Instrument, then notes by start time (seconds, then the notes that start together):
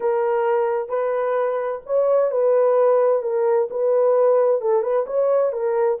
horn
0.00 A#4
0.89 B4
1.85 C#5
2.31 B4
3.22 A#4
3.70 B4
4.61 A4
4.82 B4
5.06 C#5
5.52 A#4